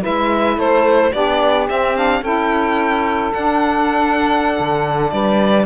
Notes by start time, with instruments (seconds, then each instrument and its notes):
0.00 cello G#3, saxophone E4 B4, violin E5
0.56 cello A3, saxophone A4, violin C5
1.12 cello B3, saxophone D4 G4, violin D5
1.69 saxophone C4, cello C4, violin E5
1.96 saxophone D4, violin F5
2.21 cello C#4, saxophone E4 A4, violin G5
3.32 saxophone D4, cello D4, violin F#5
4.59 cello D3
5.10 cello G3, saxophone B4, violin D5